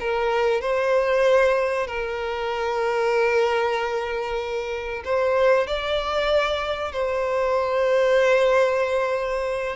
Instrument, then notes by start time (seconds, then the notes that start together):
violin
0.00 A#4
0.61 C5
1.87 A#4
5.04 C5
5.67 D5
6.92 C5